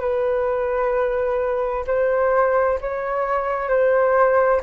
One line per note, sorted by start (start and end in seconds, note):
0.00 1.85 B4
1.86 2.79 C5
2.80 3.68 C#5
3.68 4.61 C5